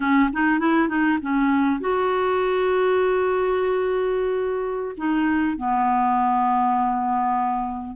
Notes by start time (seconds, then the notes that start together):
0.00 C#4
0.32 D#4
0.59 E4
0.88 D#4
1.21 C#4
1.80 F#4
4.97 D#4
5.57 B3